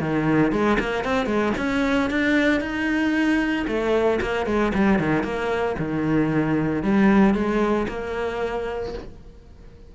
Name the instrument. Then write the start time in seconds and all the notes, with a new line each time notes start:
cello
0.00 D#3
0.52 G#3
0.80 A#3
1.05 C4
1.27 G#3
1.58 C#4
2.11 D4
2.61 D#4
3.68 A3
4.22 A#3
4.46 G#3
4.75 G3
4.99 D#3
5.24 A#3
5.79 D#3
6.83 G3
7.35 G#3
7.89 A#3